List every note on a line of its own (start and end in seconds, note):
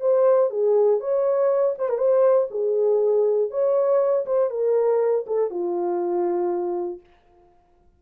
0.00 0.50 C5
0.50 1.00 G#4
1.00 1.75 C#5
1.78 1.89 C5
1.89 1.98 A#4
1.98 2.48 C5
2.50 3.50 G#4
3.50 4.25 C#5
4.26 4.50 C5
4.50 5.25 A#4
5.26 5.50 A4
5.50 7.00 F4